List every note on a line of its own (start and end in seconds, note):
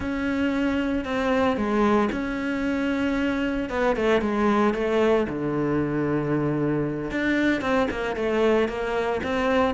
0.00 1.04 C#4
1.04 1.56 C4
1.56 2.09 G#3
2.11 3.69 C#4
3.69 3.95 B3
3.96 4.21 A3
4.21 4.74 G#3
4.74 5.26 A3
5.29 7.11 D3
7.11 7.61 D4
7.61 7.87 C4
7.90 8.16 A#3
8.16 8.68 A3
8.68 9.21 A#3
9.23 9.74 C4